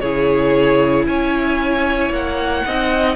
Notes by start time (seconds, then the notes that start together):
0.00 C#3 E4 G#4 C#5
1.07 C#4 C#5 G#5
2.10 A#3 F#5
2.66 C4 D#4 D#5